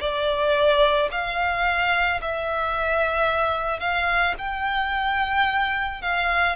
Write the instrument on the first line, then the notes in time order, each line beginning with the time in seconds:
violin
0.00 D5
1.11 F5
2.21 E5
3.79 F5
4.38 G5
6.01 F5